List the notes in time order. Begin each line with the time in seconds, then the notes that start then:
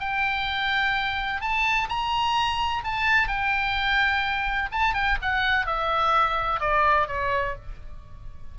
0.00 G5
1.41 A5
1.89 A#5
2.84 A5
3.28 G5
4.72 A5
4.94 G5
5.22 F#5
5.66 E5
6.60 D5
7.08 C#5